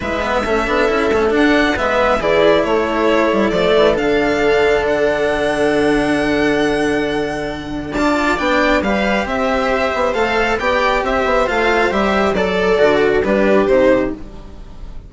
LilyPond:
<<
  \new Staff \with { instrumentName = "violin" } { \time 4/4 \tempo 4 = 136 e''2. fis''4 | e''4 d''4 cis''2 | d''4 f''2 fis''4~ | fis''1~ |
fis''2 a''4 g''4 | f''4 e''2 f''4 | g''4 e''4 f''4 e''4 | d''2 b'4 c''4 | }
  \new Staff \with { instrumentName = "viola" } { \time 4/4 b'4 a'2. | b'4 gis'4 a'2~ | a'1~ | a'1~ |
a'2 d''2 | b'4 c''2. | d''4 c''2. | a'2 g'2 | }
  \new Staff \with { instrumentName = "cello" } { \time 4/4 e'8 b8 cis'8 d'8 e'8 cis'8 d'4 | b4 e'2. | a4 d'2.~ | d'1~ |
d'2 f'4 d'4 | g'2. a'4 | g'2 f'4 g'4 | a'4 fis'4 d'4 dis'4 | }
  \new Staff \with { instrumentName = "bassoon" } { \time 4/4 gis4 a8 b8 cis'8 a8 d'4 | gis4 e4 a4. g8 | f8 e8 d2.~ | d1~ |
d2 d'4 b4 | g4 c'4. b8 a4 | b4 c'8 b8 a4 g4 | fis4 d4 g4 c4 | }
>>